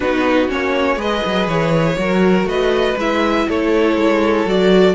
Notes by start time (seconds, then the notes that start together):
0.00 B3 D#4 F#4 B4
0.48 A#3 C#4 C#5
0.96 G#3 G#4 B4 D#5
1.25 F#3
1.47 E3 C#5
1.98 F#3 F#4 A#4
2.44 A3 B4 D#5
2.97 G#3 E4 E5
3.48 A3 A4 C#5
3.96 G#3
4.45 F#3 F#4 D5